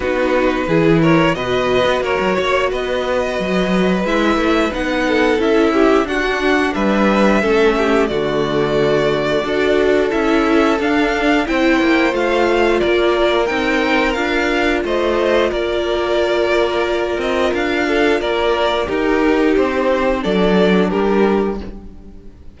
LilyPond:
<<
  \new Staff \with { instrumentName = "violin" } { \time 4/4 \tempo 4 = 89 b'4. cis''8 dis''4 cis''4 | dis''2 e''4 fis''4 | e''4 fis''4 e''2 | d''2. e''4 |
f''4 g''4 f''4 d''4 | g''4 f''4 dis''4 d''4~ | d''4. dis''8 f''4 d''4 | ais'4 c''4 d''4 ais'4 | }
  \new Staff \with { instrumentName = "violin" } { \time 4/4 fis'4 gis'8 ais'8 b'4 ais'8 cis''8 | b'2.~ b'8 a'8~ | a'8 g'8 fis'4 b'4 a'8 g'8 | fis'2 a'2~ |
a'4 c''2 ais'4~ | ais'2 c''4 ais'4~ | ais'2~ ais'8 a'8 ais'4 | g'2 a'4 g'4 | }
  \new Staff \with { instrumentName = "viola" } { \time 4/4 dis'4 e'4 fis'2~ | fis'2 e'4 dis'4 | e'4 d'2 cis'4 | a2 fis'4 e'4 |
d'4 e'4 f'2 | dis'4 f'2.~ | f'1 | dis'2 d'2 | }
  \new Staff \with { instrumentName = "cello" } { \time 4/4 b4 e4 b,8. b16 ais16 fis16 ais8 | b4 fis4 gis8 a8 b4 | cis'4 d'4 g4 a4 | d2 d'4 cis'4 |
d'4 c'8 ais8 a4 ais4 | c'4 d'4 a4 ais4~ | ais4. c'8 d'4 ais4 | dis'4 c'4 fis4 g4 | }
>>